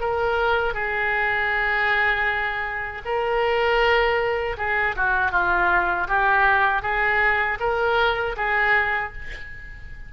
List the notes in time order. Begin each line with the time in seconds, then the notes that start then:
0.00 A#4
0.74 G#4
3.04 A#4
4.57 G#4
4.96 F#4
5.31 F4
6.08 G4
6.82 G#4
7.59 A#4
8.36 G#4